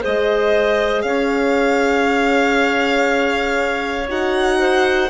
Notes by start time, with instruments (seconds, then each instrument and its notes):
0.00 horn G#4, clarinet C5, violin D#5
0.07 bassoon G#3
1.02 bassoon C#4, clarinet C#5, violin F5
4.09 bassoon D#4, horn F#4, violin F#5
4.60 clarinet C5